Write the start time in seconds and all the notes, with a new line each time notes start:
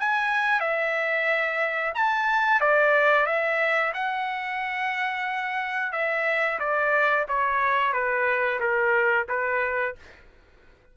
0.00 G#5
0.61 E5
1.95 A5
2.61 D5
3.27 E5
3.94 F#5
5.93 E5
6.60 D5
7.29 C#5
7.93 B4
8.60 A#4
9.29 B4